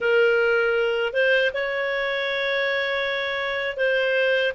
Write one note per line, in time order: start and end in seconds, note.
0.00 1.13 A#4
1.13 1.51 C5
1.53 3.77 C#5
3.77 4.53 C5